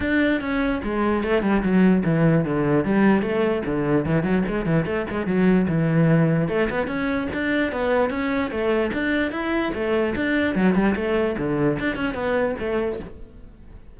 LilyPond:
\new Staff \with { instrumentName = "cello" } { \time 4/4 \tempo 4 = 148 d'4 cis'4 gis4 a8 g8 | fis4 e4 d4 g4 | a4 d4 e8 fis8 gis8 e8 | a8 gis8 fis4 e2 |
a8 b8 cis'4 d'4 b4 | cis'4 a4 d'4 e'4 | a4 d'4 fis8 g8 a4 | d4 d'8 cis'8 b4 a4 | }